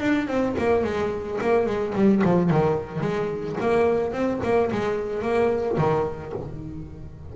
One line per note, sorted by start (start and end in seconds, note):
0.00 0.28 D4
0.28 0.55 C4
0.58 0.84 A#3
0.84 1.39 G#3
1.41 1.66 A#3
1.66 1.94 G#3
1.95 2.22 G3
2.24 2.50 F3
2.50 3.01 D#3
3.01 3.56 G#3
3.61 4.13 A#3
4.13 4.40 C4
4.43 4.71 A#3
4.72 5.22 G#3
5.22 5.77 A#3
5.78 6.33 D#3